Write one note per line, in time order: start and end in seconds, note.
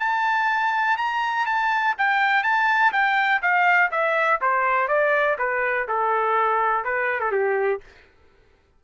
0.00 0.98 A5
0.98 1.46 A#5
1.46 1.95 A5
1.99 2.44 G5
2.44 2.93 A5
2.93 3.42 G5
3.42 3.91 F5
3.92 4.40 E5
4.42 4.88 C5
4.88 5.37 D5
5.39 5.88 B4
5.88 6.85 A4
6.85 7.21 B4
7.21 7.32 A4
7.32 7.81 G4